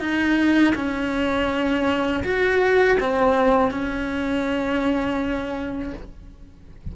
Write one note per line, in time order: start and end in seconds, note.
0.00 0.74 D#4
0.75 2.24 C#4
2.24 2.98 F#4
3.00 3.71 C4
3.71 5.94 C#4